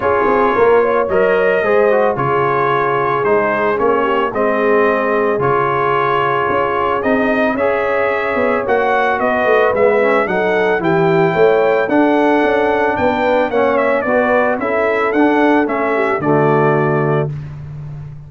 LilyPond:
<<
  \new Staff \with { instrumentName = "trumpet" } { \time 4/4 \tempo 4 = 111 cis''2 dis''2 | cis''2 c''4 cis''4 | dis''2 cis''2~ | cis''4 dis''4 e''2 |
fis''4 dis''4 e''4 fis''4 | g''2 fis''2 | g''4 fis''8 e''8 d''4 e''4 | fis''4 e''4 d''2 | }
  \new Staff \with { instrumentName = "horn" } { \time 4/4 gis'4 ais'8 cis''4. c''4 | gis'2.~ gis'8 g'8 | gis'1~ | gis'2 cis''2~ |
cis''4 b'2 a'4 | g'4 cis''4 a'2 | b'4 cis''4 b'4 a'4~ | a'4. g'8 fis'2 | }
  \new Staff \with { instrumentName = "trombone" } { \time 4/4 f'2 ais'4 gis'8 fis'8 | f'2 dis'4 cis'4 | c'2 f'2~ | f'4 dis'4 gis'2 |
fis'2 b8 cis'8 dis'4 | e'2 d'2~ | d'4 cis'4 fis'4 e'4 | d'4 cis'4 a2 | }
  \new Staff \with { instrumentName = "tuba" } { \time 4/4 cis'8 c'8 ais4 fis4 gis4 | cis2 gis4 ais4 | gis2 cis2 | cis'4 c'4 cis'4. b8 |
ais4 b8 a8 gis4 fis4 | e4 a4 d'4 cis'4 | b4 ais4 b4 cis'4 | d'4 a4 d2 | }
>>